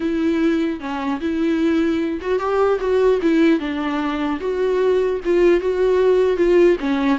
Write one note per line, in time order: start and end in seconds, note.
0.00 0.79 E4
0.79 1.19 C#4
1.20 2.20 E4
2.21 2.39 F#4
2.39 2.79 G4
2.80 3.20 F#4
3.22 3.59 E4
3.59 4.39 D4
4.40 5.20 F#4
5.24 5.60 F4
5.60 6.37 F#4
6.37 6.77 F4
6.79 7.18 C#4